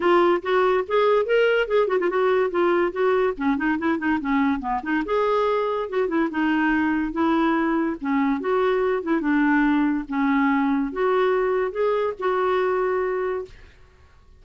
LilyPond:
\new Staff \with { instrumentName = "clarinet" } { \time 4/4 \tempo 4 = 143 f'4 fis'4 gis'4 ais'4 | gis'8 fis'16 f'16 fis'4 f'4 fis'4 | cis'8 dis'8 e'8 dis'8 cis'4 b8 dis'8 | gis'2 fis'8 e'8 dis'4~ |
dis'4 e'2 cis'4 | fis'4. e'8 d'2 | cis'2 fis'2 | gis'4 fis'2. | }